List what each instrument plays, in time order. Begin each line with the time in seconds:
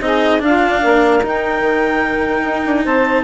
0.00 bassoon C4, cello D#4, saxophone G#4, clarinet D#5
0.39 cello D4, bassoon D4, saxophone F4, clarinet F5
0.82 bassoon A#3, saxophone A#4
1.23 cello D#4, bassoon D#4, clarinet G5
1.60 bassoon D#3
2.44 bassoon D#4
2.65 bassoon D4
2.84 bassoon C4, saxophone C5, clarinet A5